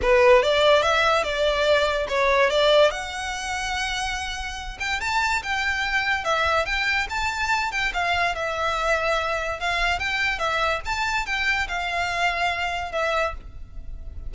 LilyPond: \new Staff \with { instrumentName = "violin" } { \time 4/4 \tempo 4 = 144 b'4 d''4 e''4 d''4~ | d''4 cis''4 d''4 fis''4~ | fis''2.~ fis''8 g''8 | a''4 g''2 e''4 |
g''4 a''4. g''8 f''4 | e''2. f''4 | g''4 e''4 a''4 g''4 | f''2. e''4 | }